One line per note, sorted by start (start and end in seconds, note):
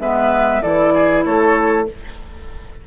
0.00 0.62 G#3
0.00 0.62 B3
0.00 0.63 B4
0.00 0.62 E5
0.62 1.25 E3
0.62 1.86 E4
0.62 0.94 A4
0.62 1.24 D5
0.94 1.25 G#4
1.25 1.87 A3
1.25 1.87 A4
1.25 1.87 C#5